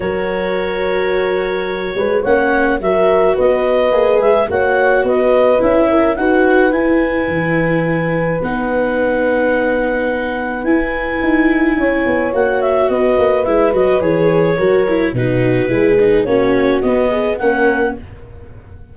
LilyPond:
<<
  \new Staff \with { instrumentName = "clarinet" } { \time 4/4 \tempo 4 = 107 cis''1 | fis''4 e''4 dis''4. e''8 | fis''4 dis''4 e''4 fis''4 | gis''2. fis''4~ |
fis''2. gis''4~ | gis''2 fis''8 e''8 dis''4 | e''8 dis''8 cis''2 b'4~ | b'4 cis''4 dis''4 fis''4 | }
  \new Staff \with { instrumentName = "horn" } { \time 4/4 ais'2.~ ais'8 b'8 | cis''4 ais'4 b'2 | cis''4 b'4. ais'8 b'4~ | b'1~ |
b'1~ | b'4 cis''2 b'4~ | b'2 ais'4 fis'4 | gis'4 fis'4. gis'8 ais'4 | }
  \new Staff \with { instrumentName = "viola" } { \time 4/4 fis'1 | cis'4 fis'2 gis'4 | fis'2 e'4 fis'4 | e'2. dis'4~ |
dis'2. e'4~ | e'2 fis'2 | e'8 fis'8 gis'4 fis'8 e'8 dis'4 | e'8 dis'8 cis'4 b4 cis'4 | }
  \new Staff \with { instrumentName = "tuba" } { \time 4/4 fis2.~ fis8 gis8 | ais4 fis4 b4 ais8 gis8 | ais4 b4 cis'4 dis'4 | e'4 e2 b4~ |
b2. e'4 | dis'4 cis'8 b8 ais4 b8 ais8 | gis8 fis8 e4 fis4 b,4 | gis4 ais4 b4 ais4 | }
>>